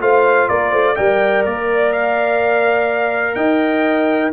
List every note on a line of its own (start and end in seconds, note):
0.00 0.49 A3
0.00 0.96 F4
0.00 0.49 C5
0.00 0.48 F5
0.48 0.73 A#3
0.48 0.71 A#4
0.48 0.96 D5
0.71 0.97 A3
0.71 0.95 C5
0.96 1.45 G3
0.96 4.32 A#4
0.96 3.36 D5
0.96 1.44 G5
1.45 3.36 A#3
1.45 1.93 D5
1.93 3.35 F5
3.35 4.32 D#4
3.35 4.32 D#5
3.35 4.31 G5